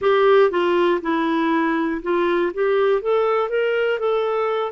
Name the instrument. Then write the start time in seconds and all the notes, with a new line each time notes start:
clarinet
0.01 G4
0.50 F4
1.01 E4
2.02 F4
2.53 G4
3.01 A4
3.49 A#4
3.99 A4